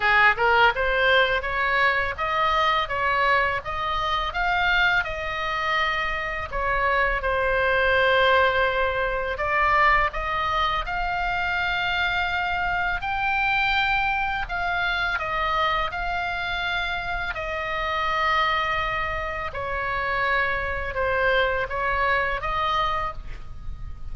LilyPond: \new Staff \with { instrumentName = "oboe" } { \time 4/4 \tempo 4 = 83 gis'8 ais'8 c''4 cis''4 dis''4 | cis''4 dis''4 f''4 dis''4~ | dis''4 cis''4 c''2~ | c''4 d''4 dis''4 f''4~ |
f''2 g''2 | f''4 dis''4 f''2 | dis''2. cis''4~ | cis''4 c''4 cis''4 dis''4 | }